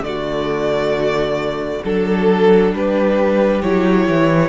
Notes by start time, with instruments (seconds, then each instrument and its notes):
0.00 cello D3, viola A3, violin F#4 D5
1.84 cello F#3, viola D4, violin A4
2.73 cello G3, violin G4 B4
3.62 cello F#3, viola E4, violin C#5
4.09 cello E3